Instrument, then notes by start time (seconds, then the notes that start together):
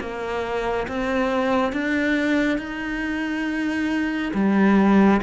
cello
0.00 A#3
0.88 C4
1.73 D4
2.58 D#4
4.34 G3